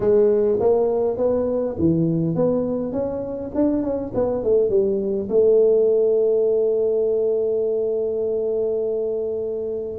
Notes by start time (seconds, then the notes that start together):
0.00 G#3
0.60 A#3
1.17 B3
1.78 E3
2.35 B3
2.92 C#4
3.55 D4
3.83 C#4
4.14 B3
4.43 A3
4.69 G3
5.29 A3